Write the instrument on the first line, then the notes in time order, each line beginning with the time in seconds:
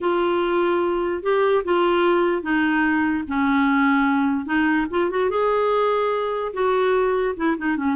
clarinet
0.00 F4
1.22 G4
1.64 F4
2.42 D#4
3.27 C#4
4.45 D#4
4.90 F4
5.10 F#4
5.30 G#4
6.53 F#4
7.36 E4
7.57 D#4
7.77 C#4